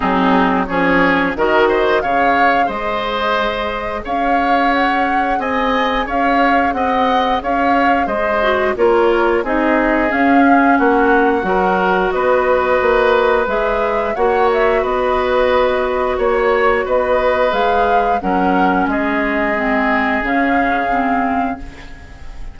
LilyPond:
<<
  \new Staff \with { instrumentName = "flute" } { \time 4/4 \tempo 4 = 89 gis'4 cis''4 dis''4 f''4 | dis''2 f''4 fis''4 | gis''4 f''4 fis''4 f''4 | dis''4 cis''4 dis''4 f''4 |
fis''2 dis''2 | e''4 fis''8 e''8 dis''2 | cis''4 dis''4 f''4 fis''4 | dis''2 f''2 | }
  \new Staff \with { instrumentName = "oboe" } { \time 4/4 dis'4 gis'4 ais'8 c''8 cis''4 | c''2 cis''2 | dis''4 cis''4 dis''4 cis''4 | c''4 ais'4 gis'2 |
fis'4 ais'4 b'2~ | b'4 cis''4 b'2 | cis''4 b'2 ais'4 | gis'1 | }
  \new Staff \with { instrumentName = "clarinet" } { \time 4/4 c'4 cis'4 fis'4 gis'4~ | gis'1~ | gis'1~ | gis'8 fis'8 f'4 dis'4 cis'4~ |
cis'4 fis'2. | gis'4 fis'2.~ | fis'2 gis'4 cis'4~ | cis'4 c'4 cis'4 c'4 | }
  \new Staff \with { instrumentName = "bassoon" } { \time 4/4 fis4 f4 dis4 cis4 | gis2 cis'2 | c'4 cis'4 c'4 cis'4 | gis4 ais4 c'4 cis'4 |
ais4 fis4 b4 ais4 | gis4 ais4 b2 | ais4 b4 gis4 fis4 | gis2 cis2 | }
>>